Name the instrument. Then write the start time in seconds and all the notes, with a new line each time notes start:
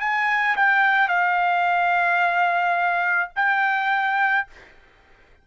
trumpet
0.00 G#5
0.56 G5
1.09 F5
3.36 G5